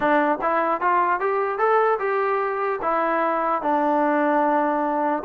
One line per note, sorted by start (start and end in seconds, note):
0.00 0.39 D4
0.41 0.80 E4
0.80 1.20 F4
1.20 1.58 G4
1.58 1.98 A4
1.99 2.79 G4
2.82 3.62 E4
3.62 5.23 D4